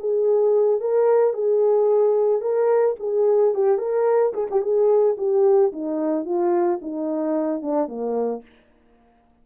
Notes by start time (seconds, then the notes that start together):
0.00 G#4
0.80 A#4
1.34 G#4
2.41 A#4
3.00 G#4
3.55 G4
3.78 A#4
4.34 G#4
4.51 G4
4.62 G#4
5.18 G4
5.72 D#4
6.25 F4
6.82 D#4
7.62 D4
7.88 A#3